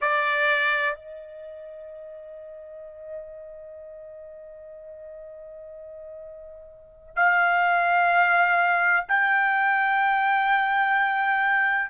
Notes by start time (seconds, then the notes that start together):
0.01 D5
0.95 D#5
7.16 F5
9.08 G5